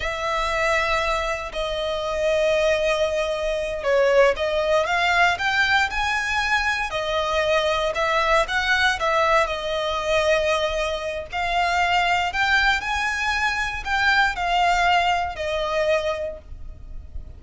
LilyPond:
\new Staff \with { instrumentName = "violin" } { \time 4/4 \tempo 4 = 117 e''2. dis''4~ | dis''2.~ dis''8 cis''8~ | cis''8 dis''4 f''4 g''4 gis''8~ | gis''4. dis''2 e''8~ |
e''8 fis''4 e''4 dis''4.~ | dis''2 f''2 | g''4 gis''2 g''4 | f''2 dis''2 | }